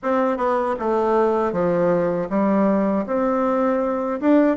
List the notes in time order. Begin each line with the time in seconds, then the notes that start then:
0.02 C4
0.37 B3
0.79 A3
1.52 F3
2.29 G3
3.06 C4
4.20 D4